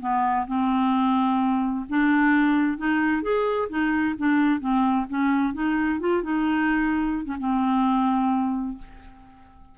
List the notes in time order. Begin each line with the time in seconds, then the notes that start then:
0.00 B3
0.47 C4
1.89 D4
2.77 D#4
3.22 G#4
3.69 D#4
4.18 D4
4.60 C4
5.09 C#4
5.54 D#4
6.00 F4
6.23 D#4
7.25 C#4
7.40 C4